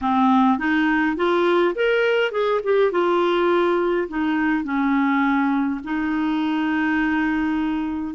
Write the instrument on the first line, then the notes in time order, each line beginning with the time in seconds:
clarinet
0.01 C4
0.58 D#4
1.16 F4
1.75 A#4
2.31 G#4
2.63 G4
2.91 F4
4.08 D#4
4.63 C#4
5.84 D#4